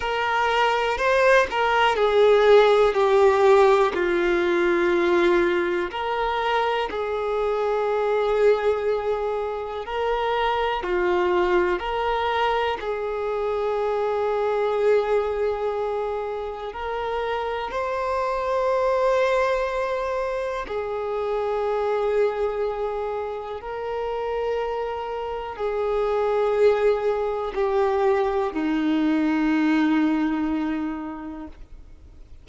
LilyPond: \new Staff \with { instrumentName = "violin" } { \time 4/4 \tempo 4 = 61 ais'4 c''8 ais'8 gis'4 g'4 | f'2 ais'4 gis'4~ | gis'2 ais'4 f'4 | ais'4 gis'2.~ |
gis'4 ais'4 c''2~ | c''4 gis'2. | ais'2 gis'2 | g'4 dis'2. | }